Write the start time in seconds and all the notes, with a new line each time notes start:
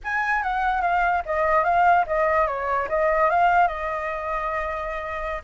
0.04 G#5
0.42 F#5
0.81 F5
1.25 D#5
1.64 F5
2.07 D#5
2.47 C#5
2.88 D#5
3.30 F5
3.67 D#5